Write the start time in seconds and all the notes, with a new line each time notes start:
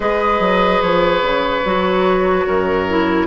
0.00 G#3 G#4 B4 D#5
0.39 F#3
0.81 F3 C#5
1.22 C#3
1.65 F#3 F#4
2.46 F#2 A#4
2.88 E4